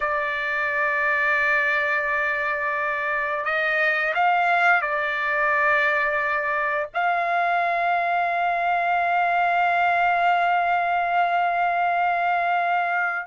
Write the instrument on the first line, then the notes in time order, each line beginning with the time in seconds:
trumpet
0.00 D5
3.44 D#5
4.14 F5
4.81 D5
6.94 F5